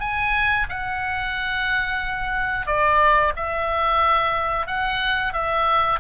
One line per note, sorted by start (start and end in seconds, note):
0.00 0.67 G#5
0.69 2.66 F#5
2.66 3.33 D5
3.36 4.67 E5
4.67 5.33 F#5
5.33 6.00 E5